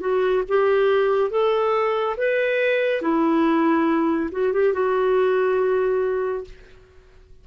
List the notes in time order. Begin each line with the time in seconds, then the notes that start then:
0.00 F#4
0.48 G4
1.30 A4
2.17 B4
3.02 E4
4.32 F#4
4.53 G4
4.73 F#4